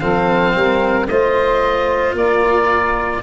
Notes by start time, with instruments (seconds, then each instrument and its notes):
0.00 tuba F3, cello C4, saxophone A4, oboe F5
0.56 tuba G3, saxophone A#4
1.08 tuba A3, cello F4, saxophone C5, oboe D#5
2.14 tuba A#3, saxophone A#4, oboe D5